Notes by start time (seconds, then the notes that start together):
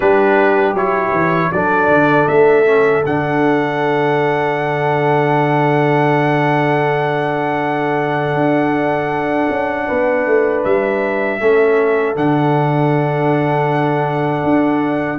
0.00 G3 D4 G4 B4
0.73 F#3 E4 C#5
1.12 E3
1.52 F#3 D4 A4 D5
1.88 D3
2.28 A3 E5
2.65 C#4
3.05 D3 D4 F#5
8.34 D4
9.49 C#4
9.86 B3 B4
10.26 A3
10.64 G3 E5
11.40 A3 C#4 A4
12.15 D3 D4 F#5
14.43 D4